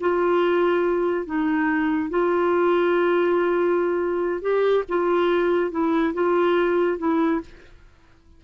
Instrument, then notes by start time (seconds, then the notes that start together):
clarinet
0.00 F4
1.26 D#4
2.10 F4
4.41 G4
4.88 F4
5.71 E4
6.14 F4
6.98 E4